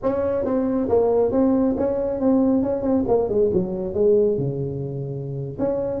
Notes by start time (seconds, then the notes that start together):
0.02 C#4
0.44 C4
0.88 A#3
1.31 C4
1.77 C#4
2.20 C4
2.62 C#4
2.82 C4
3.07 A#3
3.28 G#3
3.53 F#3
3.94 G#3
4.37 C#3
5.58 C#4